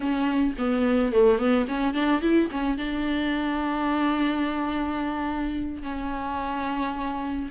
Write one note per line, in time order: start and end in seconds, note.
0.00 0.53 C#4
0.57 1.12 B3
1.12 1.38 A3
1.38 1.66 B3
1.68 1.94 C#4
1.94 2.21 D4
2.21 2.49 E4
2.51 2.77 C#4
2.77 5.82 D4
5.82 7.49 C#4